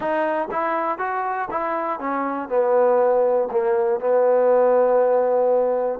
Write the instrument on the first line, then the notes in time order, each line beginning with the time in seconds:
trombone
0.00 D#4
0.51 E4
0.98 F#4
1.50 E4
1.99 C#4
2.49 B3
3.51 A#3
4.00 B3